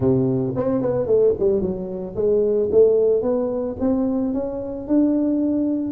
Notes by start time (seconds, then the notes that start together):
0.00 C3
0.56 C4
0.81 B3
1.06 A3
1.39 G3
1.61 F#3
2.15 G#3
2.71 A3
3.22 B3
3.80 C4
4.33 C#4
4.87 D4